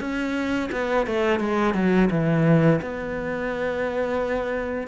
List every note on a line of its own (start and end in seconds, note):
0.00 0.70 C#4
0.72 1.07 B3
1.07 1.40 A3
1.40 1.74 G#3
1.74 2.09 F#3
2.11 2.80 E3
2.82 4.87 B3